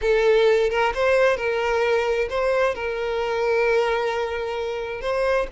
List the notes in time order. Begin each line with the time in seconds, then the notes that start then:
0.01 A4
0.70 A#4
0.94 C5
1.37 A#4
2.29 C5
2.74 A#4
5.01 C5